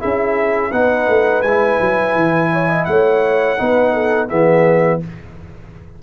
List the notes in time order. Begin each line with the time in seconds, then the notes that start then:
0.00 C#4 E4 G#4 E5
0.72 B3 D#4 B4 F#5
1.08 A3
1.42 G#3 E4 G#5
1.81 F#3
2.15 E3
2.53 C#5
2.69 D#5
2.85 A3 C#5 F#5
3.58 B3 D#4 B4
3.94 A4
4.29 E3 B3 G#4 E5